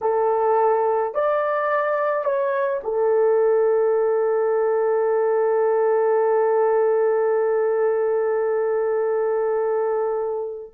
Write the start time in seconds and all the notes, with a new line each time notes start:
0.01 A4
1.14 D5
2.24 C#5
2.83 A4